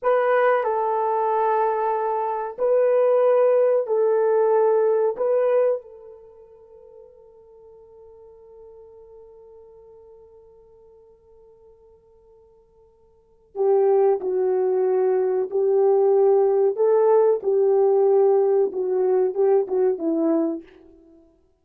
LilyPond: \new Staff \with { instrumentName = "horn" } { \time 4/4 \tempo 4 = 93 b'4 a'2. | b'2 a'2 | b'4 a'2.~ | a'1~ |
a'1~ | a'4 g'4 fis'2 | g'2 a'4 g'4~ | g'4 fis'4 g'8 fis'8 e'4 | }